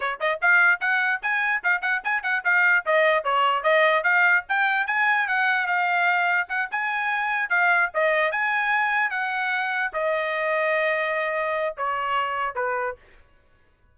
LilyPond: \new Staff \with { instrumentName = "trumpet" } { \time 4/4 \tempo 4 = 148 cis''8 dis''8 f''4 fis''4 gis''4 | f''8 fis''8 gis''8 fis''8 f''4 dis''4 | cis''4 dis''4 f''4 g''4 | gis''4 fis''4 f''2 |
fis''8 gis''2 f''4 dis''8~ | dis''8 gis''2 fis''4.~ | fis''8 dis''2.~ dis''8~ | dis''4 cis''2 b'4 | }